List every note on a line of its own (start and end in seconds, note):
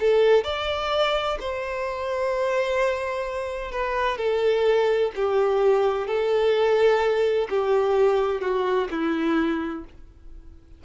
0.00 0.44 A4
0.44 1.38 D5
1.40 3.72 C5
3.72 4.18 B4
4.18 5.11 A4
5.15 6.07 G4
6.07 7.48 A4
7.50 8.41 G4
8.41 8.88 F#4
8.91 9.84 E4